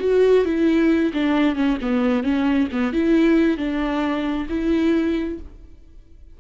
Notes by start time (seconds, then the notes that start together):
0.00 F#4
0.45 E4
1.13 D4
1.55 C#4
1.81 B3
2.23 C#4
2.72 B3
2.93 E4
3.57 D4
4.49 E4